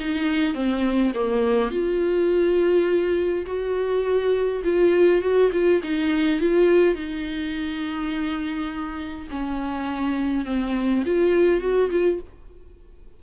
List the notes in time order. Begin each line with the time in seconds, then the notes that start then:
0.00 D#4
0.54 C4
1.14 A#3
1.71 F4
3.46 F#4
4.64 F4
5.22 F#4
5.52 F4
5.83 D#4
6.40 F4
6.95 D#4
9.30 C#4
10.45 C4
11.05 F4
11.61 F#4
11.90 F4